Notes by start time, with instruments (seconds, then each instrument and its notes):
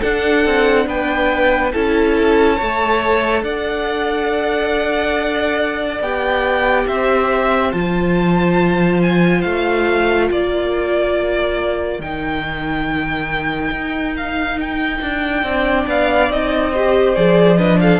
0.00 viola D4, cello D4, violin A4 F#5
0.46 cello C4
0.86 cello B3, violin B4 G5
1.72 cello C#4, viola E4, violin A4 A5
2.56 cello A3, viola A4, violin C#5
3.42 cello D4, violin D5 F#5
6.00 cello B3, viola G4, violin G5
6.87 cello C4, violin C5 E5
7.72 cello F3, viola F4, violin A5
9.01 violin G#5
9.41 cello A3, violin F5
10.28 cello A#3, violin A#4 D5
11.99 cello D#3, viola D#4, violin G5
13.71 cello D#4
14.17 violin F5
14.60 violin G5
15.01 cello D4
15.43 cello C4, viola D4, violin D5
15.87 cello B3, violin F5
16.29 cello C4, viola D#4, violin D#5
16.72 viola G4, violin C5
17.15 cello F3, viola G#4, violin D5
17.57 viola D4, violin B4 D#5
17.80 violin A4 F5